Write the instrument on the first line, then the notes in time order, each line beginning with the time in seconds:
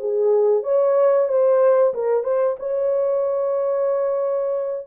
horn
0.00 G#4
0.64 C#5
1.29 C5
1.94 A#4
2.24 C5
2.60 C#5